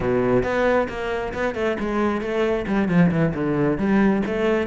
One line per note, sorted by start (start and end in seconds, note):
0.00 0.43 B2
0.43 0.87 B3
0.88 1.33 A#3
1.33 1.55 B3
1.55 1.77 A3
1.79 2.21 G#3
2.21 2.65 A3
2.67 2.88 G3
2.88 3.10 F3
3.11 3.33 E3
3.34 3.78 D3
3.78 4.22 G3
4.25 4.67 A3